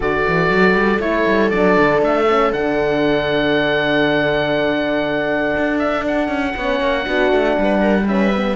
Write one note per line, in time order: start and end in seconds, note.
0.00 0.26 D3
0.00 1.00 F#4
0.00 6.55 A4
0.00 1.00 D5
0.27 0.49 E3
0.49 0.73 F#3
0.73 0.98 G3
0.99 1.25 A3
0.99 1.51 E4
0.99 1.50 C#5
1.27 1.52 G3
1.50 1.77 F#3
1.50 2.27 D4
1.50 2.00 D5
1.77 2.01 D3
2.01 2.52 A3
2.01 2.53 E5
2.28 2.52 C#4
2.52 5.56 D3
2.52 6.56 D4
2.52 5.78 F#5
5.57 6.28 D4
5.78 6.04 E5
6.07 8.08 F#5
6.28 6.53 C#4
6.56 6.80 B3
6.56 7.02 C#4
6.56 7.05 C#5
6.80 7.06 A#3
7.02 7.32 B3
7.02 8.03 D4
7.02 7.56 F#4
7.32 7.57 A3
7.57 8.55 G3
7.57 7.80 B4
7.80 8.05 A#4
8.07 8.32 C#4
8.07 8.55 B4
8.07 8.55 E5
8.36 8.55 B3